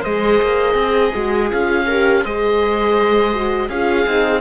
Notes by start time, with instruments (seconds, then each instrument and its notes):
0.00 cello G#3, horn G#4, viola C5, oboe D#5
0.42 cello A#3
0.74 cello C4, viola G#4
1.14 cello G#3, horn F#4
1.49 cello C#4, horn F4, oboe F5
1.87 horn G4, viola A#4
2.24 cello G#3, horn G#4, viola C5, oboe D#5
3.33 horn F#4
3.68 cello C#4, horn F4, viola G#4, oboe F5
4.06 cello C4, horn D#4